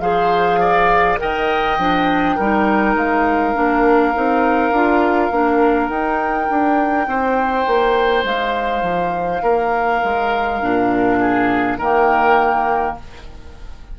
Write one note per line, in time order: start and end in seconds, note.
0.00 1.18 F3
0.00 1.18 G#4
0.00 0.60 C5
0.00 1.18 F5
0.60 1.19 D5
1.18 1.78 D#3
1.18 1.77 A#4
1.18 2.36 D#5
1.18 2.96 G5
1.78 2.37 F3
1.78 2.39 D4
2.36 2.95 G3
2.36 3.55 D#4
2.36 7.07 A#4
2.95 3.54 G#3
2.95 5.89 F5
3.55 4.15 A#3
3.55 4.14 D4
4.14 4.71 C4
4.14 4.73 D#4
4.71 5.30 D4
4.71 5.32 F4
5.31 5.89 A#3
5.31 5.91 D4
5.89 6.48 D#4
5.89 10.62 D#4
5.89 8.24 G5
6.50 7.07 D4
7.07 7.66 C4
7.07 9.43 C5
7.67 8.24 A#3
8.24 8.82 G#3
8.24 11.79 F5
8.82 9.41 F3
9.43 10.01 A#3
9.43 11.19 A#4
10.04 10.62 G#3
10.62 11.77 A#2
10.62 11.79 D4
11.20 11.78 G#4
11.77 12.95 D#3
11.77 12.99 A#3
11.77 12.96 A#4
11.77 12.97 G5